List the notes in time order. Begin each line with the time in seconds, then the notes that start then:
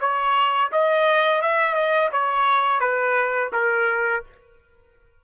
0.00 C#5
0.72 D#5
1.41 E5
1.74 D#5
2.11 C#5
2.80 B4
3.52 A#4